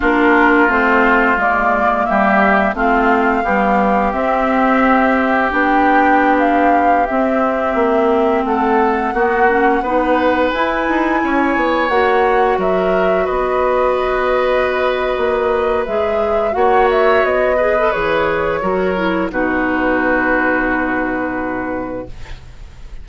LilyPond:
<<
  \new Staff \with { instrumentName = "flute" } { \time 4/4 \tempo 4 = 87 ais'4 c''4 d''4 e''4 | f''2 e''2 | g''4~ g''16 f''4 e''4.~ e''16~ | e''16 fis''2. gis''8.~ |
gis''4~ gis''16 fis''4 e''4 dis''8.~ | dis''2. e''4 | fis''8 e''8 dis''4 cis''2 | b'1 | }
  \new Staff \with { instrumentName = "oboe" } { \time 4/4 f'2. g'4 | f'4 g'2.~ | g'1~ | g'16 a'4 fis'4 b'4.~ b'16~ |
b'16 cis''2 ais'4 b'8.~ | b'1 | cis''4. b'4. ais'4 | fis'1 | }
  \new Staff \with { instrumentName = "clarinet" } { \time 4/4 d'4 c'4 ais2 | c'4 g4 c'2 | d'2~ d'16 c'4.~ c'16~ | c'4~ c'16 b8 cis'8 dis'4 e'8.~ |
e'4~ e'16 fis'2~ fis'8.~ | fis'2. gis'4 | fis'4. gis'16 a'16 gis'4 fis'8 e'8 | dis'1 | }
  \new Staff \with { instrumentName = "bassoon" } { \time 4/4 ais4 a4 gis4 g4 | a4 b4 c'2 | b2~ b16 c'4 ais8.~ | ais16 a4 ais4 b4 e'8 dis'16~ |
dis'16 cis'8 b8 ais4 fis4 b8.~ | b2 ais4 gis4 | ais4 b4 e4 fis4 | b,1 | }
>>